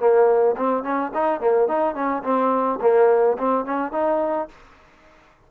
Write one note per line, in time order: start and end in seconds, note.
0.00 0.56 A#3
0.57 0.83 C4
0.83 1.11 C#4
1.14 1.41 D#4
1.41 1.68 A#3
1.68 1.95 D#4
1.95 2.23 C#4
2.24 2.80 C4
2.81 3.37 A#3
3.38 3.65 C4
3.65 3.93 C#4
3.93 4.49 D#4